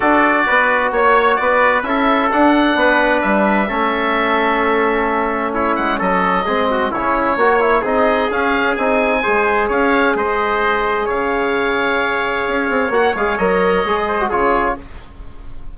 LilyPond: <<
  \new Staff \with { instrumentName = "oboe" } { \time 4/4 \tempo 4 = 130 d''2 cis''4 d''4 | e''4 fis''2 e''4~ | e''1 | cis''8 fis''8 dis''2 cis''4~ |
cis''4 dis''4 f''4 gis''4~ | gis''4 f''4 dis''2 | f''1 | fis''8 f''8 dis''2 cis''4 | }
  \new Staff \with { instrumentName = "trumpet" } { \time 4/4 a'4 b'4 cis''4 b'4 | a'2 b'2 | a'1 | e'4 a'4 gis'8 fis'8 e'4 |
cis''4 gis'2. | c''4 cis''4 c''2 | cis''1~ | cis''2~ cis''8 c''8 gis'4 | }
  \new Staff \with { instrumentName = "trombone" } { \time 4/4 fis'1 | e'4 d'2. | cis'1~ | cis'2 c'4 cis'4 |
fis'8 e'8 dis'4 cis'4 dis'4 | gis'1~ | gis'1 | fis'8 gis'8 ais'4 gis'8. fis'16 f'4 | }
  \new Staff \with { instrumentName = "bassoon" } { \time 4/4 d'4 b4 ais4 b4 | cis'4 d'4 b4 g4 | a1~ | a8 gis8 fis4 gis4 cis4 |
ais4 c'4 cis'4 c'4 | gis4 cis'4 gis2 | cis2. cis'8 c'8 | ais8 gis8 fis4 gis4 cis4 | }
>>